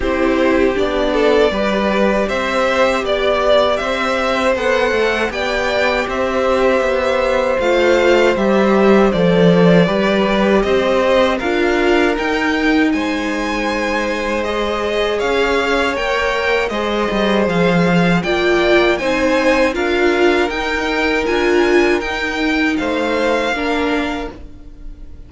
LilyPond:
<<
  \new Staff \with { instrumentName = "violin" } { \time 4/4 \tempo 4 = 79 c''4 d''2 e''4 | d''4 e''4 fis''4 g''4 | e''2 f''4 e''4 | d''2 dis''4 f''4 |
g''4 gis''2 dis''4 | f''4 g''4 dis''4 f''4 | g''4 gis''4 f''4 g''4 | gis''4 g''4 f''2 | }
  \new Staff \with { instrumentName = "violin" } { \time 4/4 g'4. a'8 b'4 c''4 | d''4 c''2 d''4 | c''1~ | c''4 b'4 c''4 ais'4~ |
ais'4 c''2. | cis''2 c''2 | d''4 c''4 ais'2~ | ais'2 c''4 ais'4 | }
  \new Staff \with { instrumentName = "viola" } { \time 4/4 e'4 d'4 g'2~ | g'2 a'4 g'4~ | g'2 f'4 g'4 | a'4 g'2 f'4 |
dis'2. gis'4~ | gis'4 ais'4 gis'2 | f'4 dis'4 f'4 dis'4 | f'4 dis'2 d'4 | }
  \new Staff \with { instrumentName = "cello" } { \time 4/4 c'4 b4 g4 c'4 | b4 c'4 b8 a8 b4 | c'4 b4 a4 g4 | f4 g4 c'4 d'4 |
dis'4 gis2. | cis'4 ais4 gis8 g8 f4 | ais4 c'4 d'4 dis'4 | d'4 dis'4 a4 ais4 | }
>>